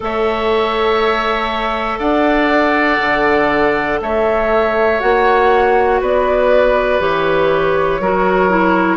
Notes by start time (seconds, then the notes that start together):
0.00 A3 A4 C#5 E5
1.98 D4 D5 F#5
3.00 D3
4.00 A3 C#5 E5
5.00 A#3 F#4 F#5
6.00 B3 B4 D5
6.99 E3 G4 C#5
7.99 F#3 F#4 A#4
8.49 E4